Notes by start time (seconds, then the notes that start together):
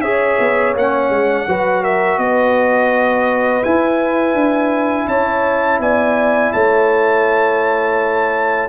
0.00 C#4 G#4 C#5 E5
0.39 B3
0.75 A#3 C#4 F#5
1.10 G#3
1.47 F#3 F#4 B4
1.83 A#4 E5
2.18 B3 B4 D#5
3.63 E4 G#5
4.34 D4
5.07 C#4 C#5 A5
5.79 B3 D5 G#5
6.52 A3 C#5 A5